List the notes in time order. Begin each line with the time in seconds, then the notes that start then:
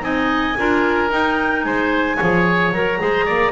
0.00 C4 D#4 D#5 G#5
0.58 D4 F4 A#4
1.09 D#4 G5
1.63 G#3 C5 G#5
2.17 F3 G#4 C#5
2.72 F#3 A#4 A#5
2.99 G#3 G#4 C5
3.25 A#3 D5